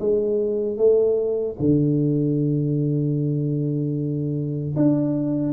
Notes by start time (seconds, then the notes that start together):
0.00 G#3
0.78 A3
1.60 D3
4.76 D4